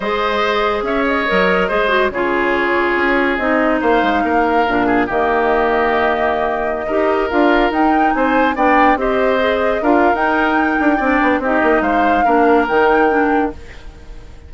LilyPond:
<<
  \new Staff \with { instrumentName = "flute" } { \time 4/4 \tempo 4 = 142 dis''2 e''8 dis''4.~ | dis''4 cis''2. | dis''4 f''2. | dis''1~ |
dis''4~ dis''16 f''4 g''4 gis''8.~ | gis''16 g''4 dis''2 f''8. | g''2. dis''4 | f''2 g''2 | }
  \new Staff \with { instrumentName = "oboe" } { \time 4/4 c''2 cis''2 | c''4 gis'2.~ | gis'4 c''4 ais'4. gis'8 | g'1~ |
g'16 ais'2. c''8.~ | c''16 d''4 c''2 ais'8.~ | ais'2 d''4 g'4 | c''4 ais'2. | }
  \new Staff \with { instrumentName = "clarinet" } { \time 4/4 gis'2. ais'4 | gis'8 fis'8 f'2. | dis'2. d'4 | ais1~ |
ais16 g'4 f'4 dis'4.~ dis'16~ | dis'16 d'4 g'4 gis'4 f'8. | dis'2 d'4 dis'4~ | dis'4 d'4 dis'4 d'4 | }
  \new Staff \with { instrumentName = "bassoon" } { \time 4/4 gis2 cis'4 fis4 | gis4 cis2 cis'4 | c'4 ais8 gis8 ais4 ais,4 | dis1~ |
dis16 dis'4 d'4 dis'4 c'8.~ | c'16 b4 c'2 d'8. | dis'4. d'8 c'8 b8 c'8 ais8 | gis4 ais4 dis2 | }
>>